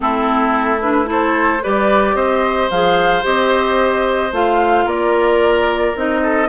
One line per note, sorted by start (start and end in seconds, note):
0.00 1.63 A3
0.00 0.79 C4
0.00 1.10 E4
0.00 0.80 A4
0.80 1.05 D4
0.80 1.07 B4
1.05 1.59 E4
1.05 1.62 A4
1.11 1.63 C5
1.62 2.14 G3
1.62 2.70 G4
1.62 2.15 B4
1.62 2.15 D5
2.14 2.68 C4
2.14 4.85 C5
2.14 2.69 D#5
2.70 3.24 F3
2.70 3.22 G#4
2.70 3.24 F5
3.22 4.31 C4
3.22 4.30 G4
3.22 4.33 D#5
4.31 4.85 A3
4.31 5.94 F4
4.31 4.88 F5
4.85 5.93 A#3
4.85 6.20 A#4
4.85 5.96 D5
5.95 6.48 C4
5.95 6.48 D#4
5.95 6.48 D#5
6.22 6.48 A4